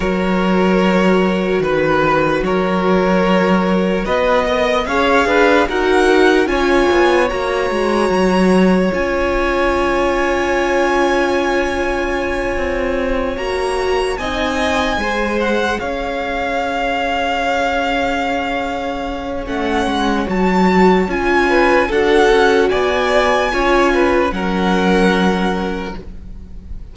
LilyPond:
<<
  \new Staff \with { instrumentName = "violin" } { \time 4/4 \tempo 4 = 74 cis''2 b'4 cis''4~ | cis''4 dis''4 f''4 fis''4 | gis''4 ais''2 gis''4~ | gis''1~ |
gis''8 ais''4 gis''4. fis''8 f''8~ | f''1 | fis''4 a''4 gis''4 fis''4 | gis''2 fis''2 | }
  \new Staff \with { instrumentName = "violin" } { \time 4/4 ais'2 b'4 ais'4~ | ais'4 b'8 dis''8 cis''8 b'8 ais'4 | cis''1~ | cis''1~ |
cis''4. dis''4 c''4 cis''8~ | cis''1~ | cis''2~ cis''8 b'8 a'4 | d''4 cis''8 b'8 ais'2 | }
  \new Staff \with { instrumentName = "viola" } { \time 4/4 fis'1~ | fis'4. ais'8 gis'4 fis'4 | f'4 fis'2 f'4~ | f'1~ |
f'8 fis'4 dis'4 gis'4.~ | gis'1 | cis'4 fis'4 f'4 fis'4~ | fis'4 f'4 cis'2 | }
  \new Staff \with { instrumentName = "cello" } { \time 4/4 fis2 dis4 fis4~ | fis4 b4 cis'8 d'8 dis'4 | cis'8 b8 ais8 gis8 fis4 cis'4~ | cis'2.~ cis'8 c'8~ |
c'8 ais4 c'4 gis4 cis'8~ | cis'1 | a8 gis8 fis4 cis'4 d'8 cis'8 | b4 cis'4 fis2 | }
>>